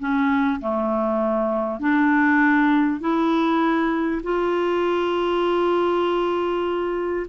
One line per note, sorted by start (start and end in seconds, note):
0.00 0.61 C#4
0.61 1.80 A3
1.80 3.01 D4
3.01 4.22 E4
4.24 7.27 F4